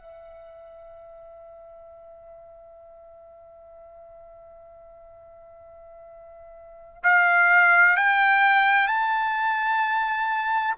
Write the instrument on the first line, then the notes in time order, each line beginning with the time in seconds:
trumpet
0.00 E5
7.04 F5
7.97 G5
8.88 A5